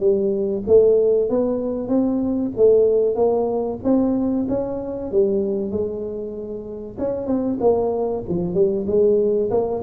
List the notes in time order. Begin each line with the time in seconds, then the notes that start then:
0.00 G3
0.67 A3
1.30 B3
1.89 C4
2.57 A3
3.16 A#3
3.84 C4
4.49 C#4
5.12 G3
5.71 G#3
6.99 C#4
7.27 C4
7.60 A#3
8.29 F3
8.54 G3
8.87 G#3
9.51 A#3